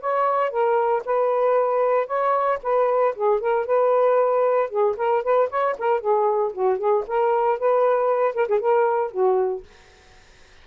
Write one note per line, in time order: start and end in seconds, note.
0.00 0.50 C#5
0.50 1.02 A#4
1.05 2.06 B4
2.06 2.58 C#5
2.63 3.15 B4
3.15 3.40 G#4
3.40 3.66 A#4
3.66 4.69 B4
4.69 4.95 G#4
4.97 5.23 A#4
5.23 5.49 B4
5.49 5.76 C#5
5.78 6.00 A#4
6.00 6.52 G#4
6.52 6.78 F#4
6.78 7.04 G#4
7.07 7.58 A#4
7.58 8.35 B4
8.35 8.48 A#4
8.48 8.59 G#4
8.59 9.11 A#4
9.11 9.63 F#4